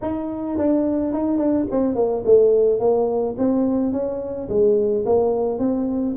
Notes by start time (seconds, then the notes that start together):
0.01 D#4
0.57 D4
1.13 D#4
1.38 D4
1.71 C4
1.95 A#3
2.25 A3
2.79 A#3
3.37 C4
3.92 C#4
4.49 G#3
5.05 A#3
5.58 C4